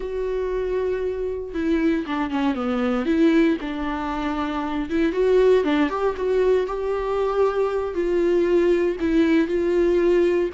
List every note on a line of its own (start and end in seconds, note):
0.00 1.53 F#4
1.54 2.05 E4
2.06 2.30 D4
2.30 2.55 C#4
2.55 3.05 B3
3.05 3.57 E4
3.60 4.89 D4
4.89 5.12 E4
5.12 5.63 F#4
5.64 5.89 D4
5.89 6.15 G4
6.16 6.67 F#4
6.67 7.94 G4
7.94 8.97 F4
9.00 9.47 E4
9.47 10.50 F4